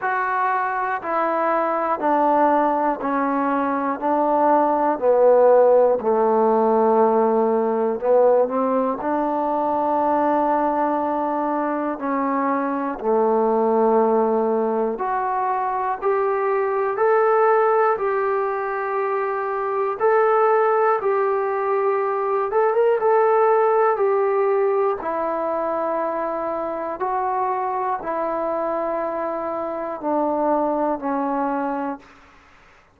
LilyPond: \new Staff \with { instrumentName = "trombone" } { \time 4/4 \tempo 4 = 60 fis'4 e'4 d'4 cis'4 | d'4 b4 a2 | b8 c'8 d'2. | cis'4 a2 fis'4 |
g'4 a'4 g'2 | a'4 g'4. a'16 ais'16 a'4 | g'4 e'2 fis'4 | e'2 d'4 cis'4 | }